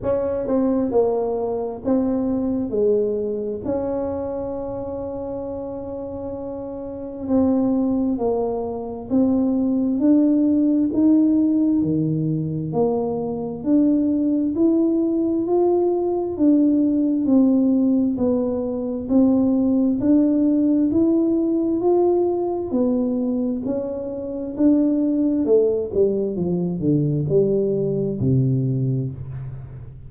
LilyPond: \new Staff \with { instrumentName = "tuba" } { \time 4/4 \tempo 4 = 66 cis'8 c'8 ais4 c'4 gis4 | cis'1 | c'4 ais4 c'4 d'4 | dis'4 dis4 ais4 d'4 |
e'4 f'4 d'4 c'4 | b4 c'4 d'4 e'4 | f'4 b4 cis'4 d'4 | a8 g8 f8 d8 g4 c4 | }